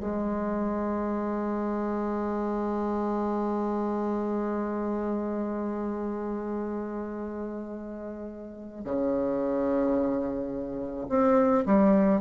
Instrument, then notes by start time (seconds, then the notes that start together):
bassoon
0.00 G#3
8.84 C#3
11.09 C4
11.65 G3